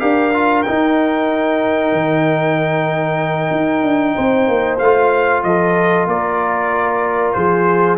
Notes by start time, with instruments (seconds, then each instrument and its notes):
0.00 tuba D4, trombone G4, horn A#4, trumpet F5
0.34 trombone F4
0.63 trombone D#4, trumpet G5
0.69 tuba D#4
1.93 tuba D#3
3.51 tuba D#4
3.83 tuba D4
4.15 tuba C4, horn C5
4.48 tuba A#3
4.79 tuba A3, trombone F4, trumpet F5
5.44 tuba F3, horn A4, trumpet D#5
6.07 tuba A#3, horn A#4, trumpet D5
7.33 tuba F3, horn G#4, trumpet C5